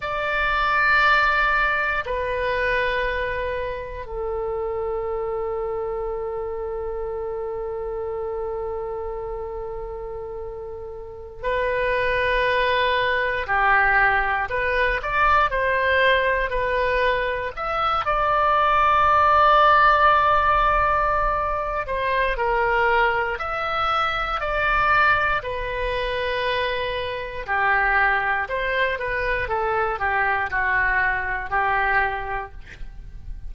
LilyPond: \new Staff \with { instrumentName = "oboe" } { \time 4/4 \tempo 4 = 59 d''2 b'2 | a'1~ | a'2.~ a'16 b'8.~ | b'4~ b'16 g'4 b'8 d''8 c''8.~ |
c''16 b'4 e''8 d''2~ d''16~ | d''4. c''8 ais'4 e''4 | d''4 b'2 g'4 | c''8 b'8 a'8 g'8 fis'4 g'4 | }